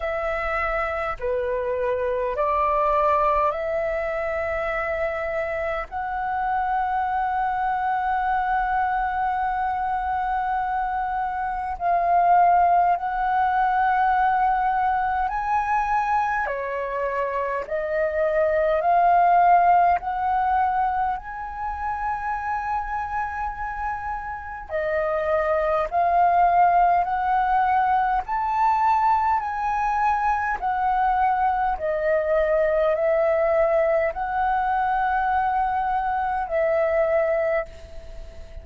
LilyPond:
\new Staff \with { instrumentName = "flute" } { \time 4/4 \tempo 4 = 51 e''4 b'4 d''4 e''4~ | e''4 fis''2.~ | fis''2 f''4 fis''4~ | fis''4 gis''4 cis''4 dis''4 |
f''4 fis''4 gis''2~ | gis''4 dis''4 f''4 fis''4 | a''4 gis''4 fis''4 dis''4 | e''4 fis''2 e''4 | }